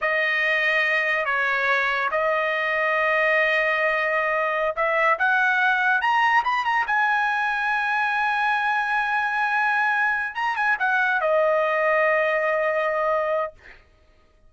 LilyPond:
\new Staff \with { instrumentName = "trumpet" } { \time 4/4 \tempo 4 = 142 dis''2. cis''4~ | cis''4 dis''2.~ | dis''2.~ dis''16 e''8.~ | e''16 fis''2 ais''4 b''8 ais''16~ |
ais''16 gis''2.~ gis''8.~ | gis''1~ | gis''8 ais''8 gis''8 fis''4 dis''4.~ | dis''1 | }